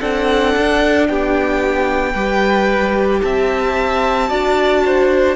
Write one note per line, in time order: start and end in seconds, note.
0.00 0.55 C4
0.00 2.15 D4
0.00 1.08 A4
0.00 1.07 F#5
0.57 1.09 D4
1.08 2.15 B3
1.08 2.13 G4
1.08 3.22 G5
2.13 3.22 G3
2.13 4.29 G4
2.13 3.21 B4
3.22 4.31 C4
3.22 4.29 E5
3.22 5.36 A5
4.29 5.36 D4
4.29 5.36 F#4
4.29 4.83 D5
4.85 5.36 C5